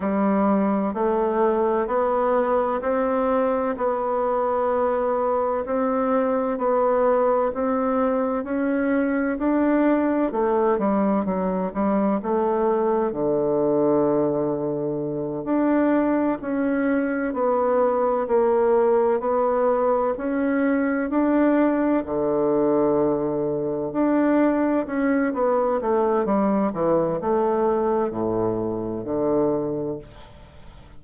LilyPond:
\new Staff \with { instrumentName = "bassoon" } { \time 4/4 \tempo 4 = 64 g4 a4 b4 c'4 | b2 c'4 b4 | c'4 cis'4 d'4 a8 g8 | fis8 g8 a4 d2~ |
d8 d'4 cis'4 b4 ais8~ | ais8 b4 cis'4 d'4 d8~ | d4. d'4 cis'8 b8 a8 | g8 e8 a4 a,4 d4 | }